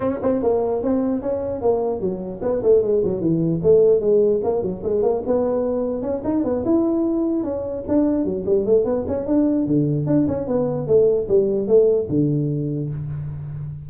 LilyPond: \new Staff \with { instrumentName = "tuba" } { \time 4/4 \tempo 4 = 149 cis'8 c'8 ais4 c'4 cis'4 | ais4 fis4 b8 a8 gis8 fis8 | e4 a4 gis4 ais8 fis8 | gis8 ais8 b2 cis'8 dis'8 |
b8 e'2 cis'4 d'8~ | d'8 fis8 g8 a8 b8 cis'8 d'4 | d4 d'8 cis'8 b4 a4 | g4 a4 d2 | }